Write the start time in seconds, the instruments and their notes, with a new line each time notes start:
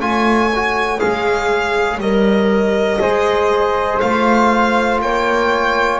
0.00 double bass A3, trombone F4, flute C#5, violin G#5
0.55 trombone F#4
0.99 double bass G#3, trombone G#4, violin F5
1.98 double bass G3, trombone A#4, violin D#5
3.00 double bass G#3, trombone G#4, flute C5
4.00 double bass A3, trombone F4, violin F5
5.02 double bass A#3, flute C#5, violin G5